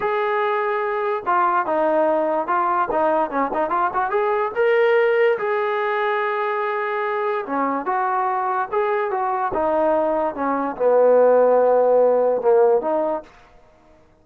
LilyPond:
\new Staff \with { instrumentName = "trombone" } { \time 4/4 \tempo 4 = 145 gis'2. f'4 | dis'2 f'4 dis'4 | cis'8 dis'8 f'8 fis'8 gis'4 ais'4~ | ais'4 gis'2.~ |
gis'2 cis'4 fis'4~ | fis'4 gis'4 fis'4 dis'4~ | dis'4 cis'4 b2~ | b2 ais4 dis'4 | }